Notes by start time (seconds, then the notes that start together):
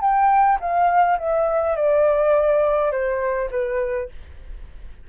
0.00 G5
0.60 F5
1.18 E5
1.76 D5
2.91 C5
3.51 B4